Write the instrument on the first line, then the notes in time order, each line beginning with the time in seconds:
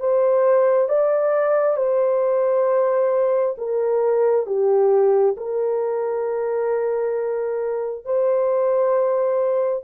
horn
0.00 C5
0.89 D5
1.77 C5
3.58 A#4
4.46 G4
5.37 A#4
8.05 C5